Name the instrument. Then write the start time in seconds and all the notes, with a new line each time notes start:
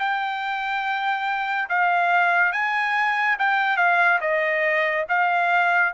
trumpet
0.00 G5
1.70 F5
2.53 G#5
3.39 G5
3.78 F5
4.21 D#5
5.09 F5